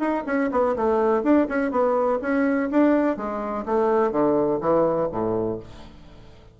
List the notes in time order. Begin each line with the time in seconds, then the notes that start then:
0.00 D#4
0.27 C#4
0.52 B3
0.76 A3
1.23 D4
1.49 C#4
1.72 B3
2.22 C#4
2.71 D4
3.17 G#3
3.66 A3
4.12 D3
4.61 E3
5.12 A2